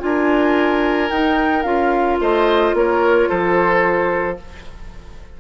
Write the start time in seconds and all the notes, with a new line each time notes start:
0.00 D4 F4 A#4 G#5
1.10 D#4 G5
1.63 C#4 F4 F5
2.20 A3 C5 D#5
2.73 A#3 A#4 C#5
3.29 F3 A4 C5